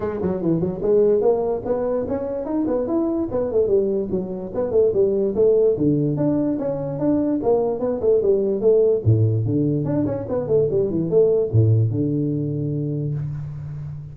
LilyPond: \new Staff \with { instrumentName = "tuba" } { \time 4/4 \tempo 4 = 146 gis8 fis8 e8 fis8 gis4 ais4 | b4 cis'4 dis'8 b8 e'4 | b8 a8 g4 fis4 b8 a8 | g4 a4 d4 d'4 |
cis'4 d'4 ais4 b8 a8 | g4 a4 a,4 d4 | d'8 cis'8 b8 a8 g8 e8 a4 | a,4 d2. | }